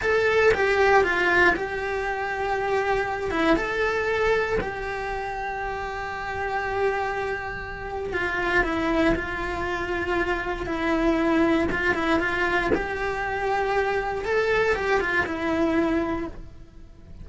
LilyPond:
\new Staff \with { instrumentName = "cello" } { \time 4/4 \tempo 4 = 118 a'4 g'4 f'4 g'4~ | g'2~ g'8 e'8 a'4~ | a'4 g'2.~ | g'1 |
f'4 e'4 f'2~ | f'4 e'2 f'8 e'8 | f'4 g'2. | a'4 g'8 f'8 e'2 | }